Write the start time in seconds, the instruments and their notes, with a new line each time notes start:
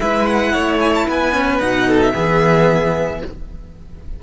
0.00 cello G#3 E4, violin B4 E5
0.26 violin F#5
0.53 cello A3, violin C#5
0.80 violin G#5
0.95 violin A5
1.08 cello B3, violin B4 G#5
1.33 cello C#4
1.59 cello B2 D#4, violin F#5
1.87 violin A4
2.02 violin E5
2.14 cello E3 B3, violin G#4